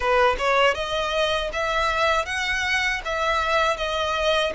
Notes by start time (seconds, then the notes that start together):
0.00 B4
0.38 C#5
0.74 D#5
1.52 E5
2.25 F#5
3.04 E5
3.77 D#5